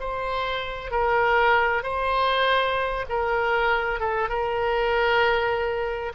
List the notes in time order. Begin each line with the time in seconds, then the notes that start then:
0.00 C5
0.91 A#4
1.83 C5
3.09 A#4
4.00 A4
4.29 A#4